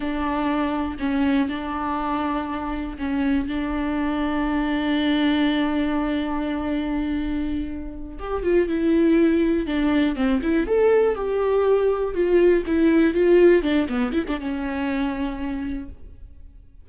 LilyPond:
\new Staff \with { instrumentName = "viola" } { \time 4/4 \tempo 4 = 121 d'2 cis'4 d'4~ | d'2 cis'4 d'4~ | d'1~ | d'1~ |
d'8 g'8 f'8 e'2 d'8~ | d'8 c'8 e'8 a'4 g'4.~ | g'8 f'4 e'4 f'4 d'8 | b8 e'16 d'16 cis'2. | }